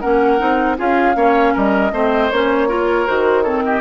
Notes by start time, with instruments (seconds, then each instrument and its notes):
0.00 bassoon A#3, clarinet C#4, oboe A#4, flute F#5
0.38 bassoon C4, clarinet D#4
0.77 bassoon C#4, clarinet F4, oboe G#4, flute F5
1.15 bassoon A#3, clarinet C#4, oboe C#5
1.53 bassoon G3, oboe A#4, flute D#5
1.92 bassoon A3, clarinet C4, oboe C5
2.31 bassoon A#3, clarinet C#4, flute C#5
2.68 clarinet F4, oboe A#4
3.07 bassoon D#3, clarinet F#4, flute C5
3.43 clarinet C4, oboe A4, flute C#5
3.63 oboe G4, flute D#5